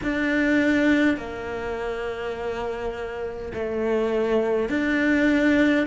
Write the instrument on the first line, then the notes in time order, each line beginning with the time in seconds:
cello
0.03 D4
1.17 A#3
3.53 A3
4.69 D4